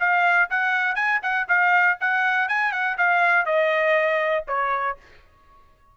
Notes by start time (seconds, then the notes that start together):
0.00 F5
0.51 F#5
0.96 G#5
1.23 F#5
1.49 F5
2.01 F#5
2.49 G#5
2.73 F#5
2.98 F5
3.46 D#5
4.48 C#5